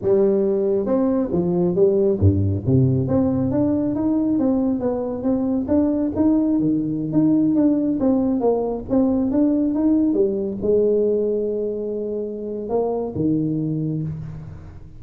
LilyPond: \new Staff \with { instrumentName = "tuba" } { \time 4/4 \tempo 4 = 137 g2 c'4 f4 | g4 g,4 c4 c'4 | d'4 dis'4 c'4 b4 | c'4 d'4 dis'4 dis4~ |
dis16 dis'4 d'4 c'4 ais8.~ | ais16 c'4 d'4 dis'4 g8.~ | g16 gis2.~ gis8.~ | gis4 ais4 dis2 | }